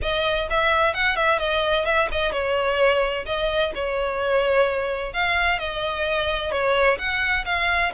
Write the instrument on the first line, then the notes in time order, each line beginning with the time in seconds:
violin
0.01 D#5
0.50 E5
0.94 F#5
1.16 E5
1.38 D#5
1.85 E5
2.11 D#5
2.32 C#5
3.25 D#5
3.74 C#5
5.13 F5
5.59 D#5
6.51 C#5
6.98 F#5
7.45 F5